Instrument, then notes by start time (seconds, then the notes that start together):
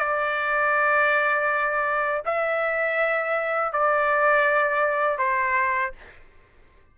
trumpet
0.00 D5
2.26 E5
3.73 D5
5.19 C5